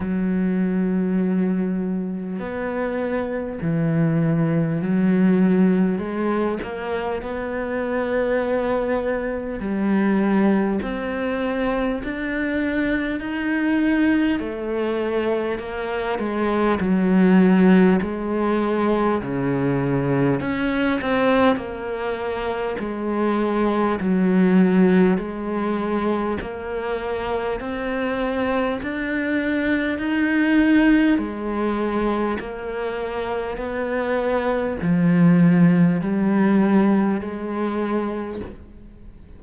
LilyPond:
\new Staff \with { instrumentName = "cello" } { \time 4/4 \tempo 4 = 50 fis2 b4 e4 | fis4 gis8 ais8 b2 | g4 c'4 d'4 dis'4 | a4 ais8 gis8 fis4 gis4 |
cis4 cis'8 c'8 ais4 gis4 | fis4 gis4 ais4 c'4 | d'4 dis'4 gis4 ais4 | b4 f4 g4 gis4 | }